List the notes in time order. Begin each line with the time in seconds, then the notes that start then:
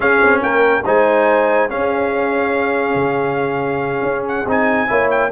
0.00 C#4 G#4 F5
0.22 C4
0.42 A#3 A#4 G5
0.84 G#3 D#4 C5 G#5
1.69 C#4 G#4 F5
2.94 C#3
4.02 C#4
4.28 F#5
4.46 C4 D#4 G#5
4.87 A#3 E4 C#5
5.10 G5